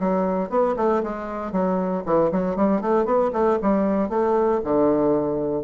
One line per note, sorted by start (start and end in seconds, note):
0.00 0.50 F#3
0.50 0.76 B3
0.77 1.03 A3
1.04 1.52 G#3
1.52 2.04 F#3
2.06 2.31 E3
2.32 2.57 F#3
2.57 2.82 G3
2.82 3.06 A3
3.06 3.31 B3
3.33 3.59 A3
3.62 4.10 G3
4.10 4.61 A3
4.64 5.64 D3